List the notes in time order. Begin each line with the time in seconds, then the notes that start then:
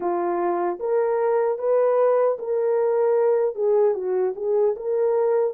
0.00 F4
0.79 A#4
1.58 B4
2.38 A#4
3.55 G#4
3.94 F#4
4.35 G#4
4.75 A#4